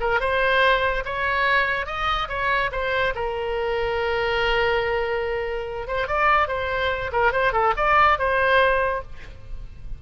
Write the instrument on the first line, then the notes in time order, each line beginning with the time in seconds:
oboe
0.00 A#4
0.20 C5
1.05 C#5
1.86 D#5
2.28 C#5
2.72 C5
3.14 A#4
5.87 C5
6.07 D5
6.48 C5
7.12 A#4
7.32 C5
7.52 A4
7.76 D5
8.18 C5